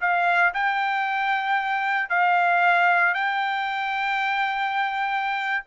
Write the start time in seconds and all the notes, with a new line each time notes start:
0.00 F5
0.54 G5
2.09 F5
3.14 G5